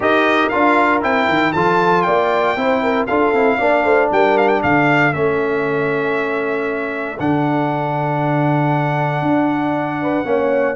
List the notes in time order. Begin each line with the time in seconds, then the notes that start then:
0.00 D#4 G4 A#4 D#5
0.49 D4 F4 F5
1.01 C4 E4 G5
1.29 D#3
1.52 F3 F4 A4 A5
2.01 A#3 D5 G5
2.55 C4 E4 C5
2.82 A#4
3.06 D4 F4 A4 F5
3.32 C4 E4
3.57 A#3 D4 D5
3.83 A3 C5
4.11 G3 A#4 G5
4.37 F5
4.48 G5
4.62 D3 A4 F5
5.12 A3 C#4 E5
7.19 D3 D4 F#5
9.22 D4
10.01 B4
10.24 A#3 C#4 C#5